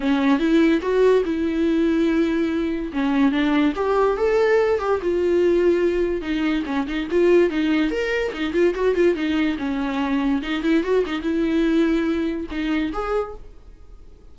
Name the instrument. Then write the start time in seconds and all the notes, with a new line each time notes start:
viola
0.00 C#4
0.39 E4
0.81 F#4
1.25 E4
2.92 C#4
3.31 D4
3.75 G4
4.17 A4
4.79 G4
5.02 F4
6.21 D#4
6.66 C#4
6.87 D#4
7.10 F4
7.49 D#4
7.90 A#4
8.33 D#4
8.53 F4
8.74 F#4
8.95 F4
9.15 D#4
9.58 C#4
10.42 D#4
10.62 E4
10.83 F#4
11.06 D#4
11.21 E4
12.50 D#4
12.92 G#4